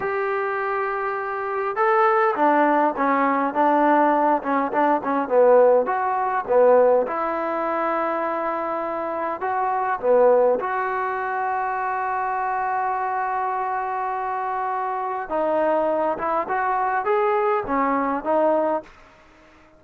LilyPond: \new Staff \with { instrumentName = "trombone" } { \time 4/4 \tempo 4 = 102 g'2. a'4 | d'4 cis'4 d'4. cis'8 | d'8 cis'8 b4 fis'4 b4 | e'1 |
fis'4 b4 fis'2~ | fis'1~ | fis'2 dis'4. e'8 | fis'4 gis'4 cis'4 dis'4 | }